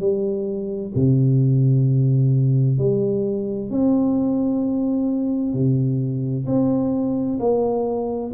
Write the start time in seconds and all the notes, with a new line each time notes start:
0.00 G3
0.95 C3
2.79 G3
3.70 C4
5.54 C3
6.47 C4
7.40 A#3